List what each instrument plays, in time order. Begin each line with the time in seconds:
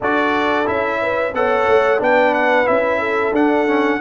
0.00 tuba D4, trombone F#4, horn A4, trumpet D5
0.65 tuba C#4, trombone E4, trumpet E5
1.01 horn B4
1.33 tuba B3, trombone A4, horn C#5, trumpet F#5
1.68 tuba A3
1.98 tuba B3, trombone D4, horn B4, trumpet G5
2.33 trumpet F#5
2.65 tuba C#4, trombone E4, trumpet E5
2.99 horn A4
3.31 tuba D4, trombone D4, trumpet F#5
3.67 trombone C#4